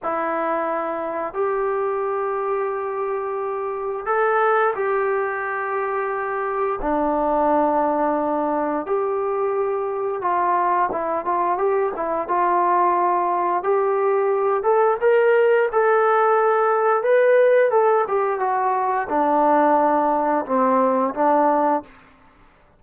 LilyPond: \new Staff \with { instrumentName = "trombone" } { \time 4/4 \tempo 4 = 88 e'2 g'2~ | g'2 a'4 g'4~ | g'2 d'2~ | d'4 g'2 f'4 |
e'8 f'8 g'8 e'8 f'2 | g'4. a'8 ais'4 a'4~ | a'4 b'4 a'8 g'8 fis'4 | d'2 c'4 d'4 | }